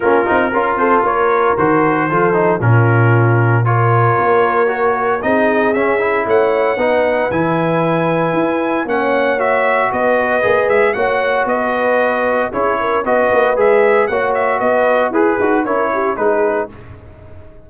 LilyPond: <<
  \new Staff \with { instrumentName = "trumpet" } { \time 4/4 \tempo 4 = 115 ais'4. c''8 cis''4 c''4~ | c''4 ais'2 cis''4~ | cis''2 dis''4 e''4 | fis''2 gis''2~ |
gis''4 fis''4 e''4 dis''4~ | dis''8 e''8 fis''4 dis''2 | cis''4 dis''4 e''4 fis''8 e''8 | dis''4 b'4 cis''4 b'4 | }
  \new Staff \with { instrumentName = "horn" } { \time 4/4 f'4 ais'8 a'8 ais'2 | a'4 f'2 ais'4~ | ais'2 gis'2 | cis''4 b'2.~ |
b'4 cis''2 b'4~ | b'4 cis''4 b'2 | gis'8 ais'8 b'2 cis''4 | b'4 gis'4 ais'8 g'8 gis'4 | }
  \new Staff \with { instrumentName = "trombone" } { \time 4/4 cis'8 dis'8 f'2 fis'4 | f'8 dis'8 cis'2 f'4~ | f'4 fis'4 dis'4 cis'8 e'8~ | e'4 dis'4 e'2~ |
e'4 cis'4 fis'2 | gis'4 fis'2. | e'4 fis'4 gis'4 fis'4~ | fis'4 gis'8 fis'8 e'4 dis'4 | }
  \new Staff \with { instrumentName = "tuba" } { \time 4/4 ais8 c'8 cis'8 c'8 ais4 dis4 | f4 ais,2. | ais2 c'4 cis'4 | a4 b4 e2 |
e'4 ais2 b4 | ais8 gis8 ais4 b2 | cis'4 b8 ais8 gis4 ais4 | b4 e'8 dis'8 cis'4 gis4 | }
>>